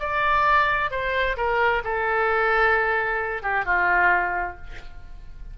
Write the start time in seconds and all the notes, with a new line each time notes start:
0.00 D5
0.91 C5
1.37 A#4
1.85 A4
3.43 G4
3.66 F4